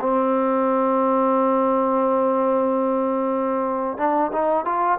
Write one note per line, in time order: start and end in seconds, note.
0.00 3.98 C4
3.98 4.31 D4
4.32 4.65 D#4
4.65 4.98 F4